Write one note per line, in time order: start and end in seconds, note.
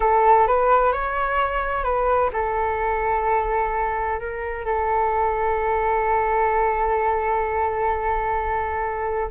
0.00 0.47 A4
0.47 0.92 B4
0.92 1.83 C#5
1.83 2.30 B4
2.33 4.19 A4
4.19 4.65 A#4
4.65 9.30 A4